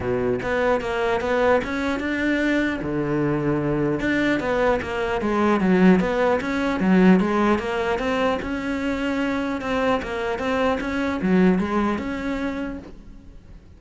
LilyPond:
\new Staff \with { instrumentName = "cello" } { \time 4/4 \tempo 4 = 150 b,4 b4 ais4 b4 | cis'4 d'2 d4~ | d2 d'4 b4 | ais4 gis4 fis4 b4 |
cis'4 fis4 gis4 ais4 | c'4 cis'2. | c'4 ais4 c'4 cis'4 | fis4 gis4 cis'2 | }